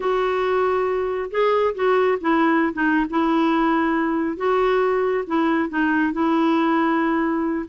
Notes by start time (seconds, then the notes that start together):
0.00 F#4
1.30 G#4
1.74 F#4
2.20 E4
2.73 D#4
3.10 E4
4.36 F#4
5.26 E4
5.69 D#4
6.13 E4